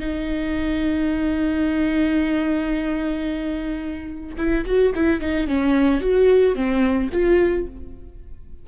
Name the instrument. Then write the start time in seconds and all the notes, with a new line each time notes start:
viola
0.00 D#4
4.38 E4
4.66 F#4
4.95 E4
5.21 D#4
5.48 C#4
6.01 F#4
6.56 C4
7.13 F4